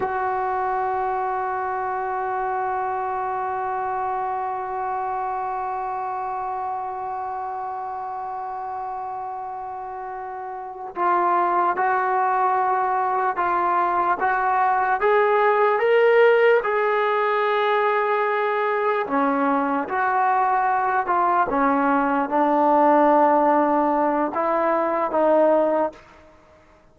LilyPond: \new Staff \with { instrumentName = "trombone" } { \time 4/4 \tempo 4 = 74 fis'1~ | fis'1~ | fis'1~ | fis'4. f'4 fis'4.~ |
fis'8 f'4 fis'4 gis'4 ais'8~ | ais'8 gis'2. cis'8~ | cis'8 fis'4. f'8 cis'4 d'8~ | d'2 e'4 dis'4 | }